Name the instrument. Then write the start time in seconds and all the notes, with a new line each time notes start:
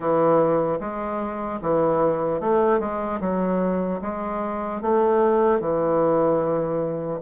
bassoon
0.00 E3
0.80 G#3
1.61 E3
2.40 A3
2.79 G#3
3.20 F#3
4.01 G#3
4.81 A3
5.60 E3